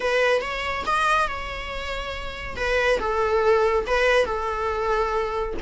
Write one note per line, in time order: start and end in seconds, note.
0.00 0.41 B4
0.41 0.84 C#5
0.86 1.27 D#5
1.27 2.56 C#5
2.56 2.99 B4
2.99 3.85 A4
3.86 4.25 B4
4.25 5.54 A4